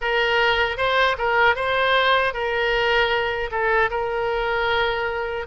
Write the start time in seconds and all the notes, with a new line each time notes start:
0.01 A#4
0.77 C5
1.18 A#4
1.55 C5
2.33 A#4
3.51 A4
3.90 A#4